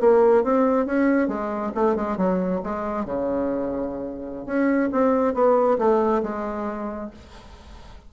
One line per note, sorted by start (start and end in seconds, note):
0.00 0.44 A#3
0.44 0.86 C4
0.86 1.28 C#4
1.28 1.72 G#3
1.75 1.95 A3
1.95 2.17 G#3
2.17 2.61 F#3
2.63 3.05 G#3
3.05 4.46 C#3
4.46 4.90 C#4
4.92 5.34 C4
5.34 5.78 B3
5.78 6.22 A3
6.23 7.11 G#3